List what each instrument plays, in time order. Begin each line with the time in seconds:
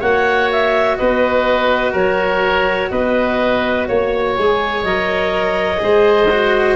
0.00 tuba A#3, cello F#4, oboe C#5, clarinet F#5
0.52 clarinet E5
0.98 tuba B3, oboe B4, clarinet D#5
1.93 tuba F#3, oboe A#4, clarinet C#5
2.91 tuba B3, oboe B4, clarinet D#5
3.88 tuba A#3, clarinet C#5, oboe C#5
4.38 tuba G#3, cello G#4
4.84 tuba F#3, cello A#4, clarinet D#5
5.78 tuba G#3, cello G#4, oboe C5
6.31 cello F#4